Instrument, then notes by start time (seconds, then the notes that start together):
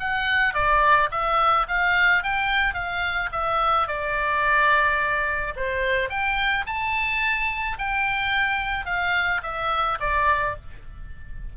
oboe
0.00 F#5
0.54 D5
1.11 E5
1.68 F5
2.23 G5
2.74 F5
3.32 E5
3.88 D5
5.56 C5
6.10 G5
6.66 A5
7.79 G5
8.86 F5
9.43 E5
10.00 D5